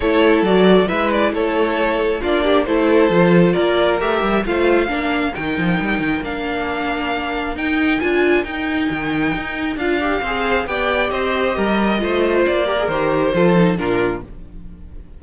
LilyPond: <<
  \new Staff \with { instrumentName = "violin" } { \time 4/4 \tempo 4 = 135 cis''4 d''4 e''8 d''8 cis''4~ | cis''4 d''4 c''2 | d''4 e''4 f''2 | g''2 f''2~ |
f''4 g''4 gis''4 g''4~ | g''2 f''2 | g''4 dis''2. | d''4 c''2 ais'4 | }
  \new Staff \with { instrumentName = "violin" } { \time 4/4 a'2 b'4 a'4~ | a'4 f'8 g'8 a'2 | ais'2 c''4 ais'4~ | ais'1~ |
ais'1~ | ais'2. c''4 | d''4 c''4 ais'4 c''4~ | c''8 ais'4. a'4 f'4 | }
  \new Staff \with { instrumentName = "viola" } { \time 4/4 e'4 fis'4 e'2~ | e'4 d'4 e'4 f'4~ | f'4 g'4 f'4 d'4 | dis'2 d'2~ |
d'4 dis'4 f'4 dis'4~ | dis'2 f'8 g'8 gis'4 | g'2. f'4~ | f'8 g'16 gis'16 g'4 f'8 dis'8 d'4 | }
  \new Staff \with { instrumentName = "cello" } { \time 4/4 a4 fis4 gis4 a4~ | a4 ais4 a4 f4 | ais4 a8 g8 a4 ais4 | dis8 f8 g8 dis8 ais2~ |
ais4 dis'4 d'4 dis'4 | dis4 dis'4 d'4 c'4 | b4 c'4 g4 a4 | ais4 dis4 f4 ais,4 | }
>>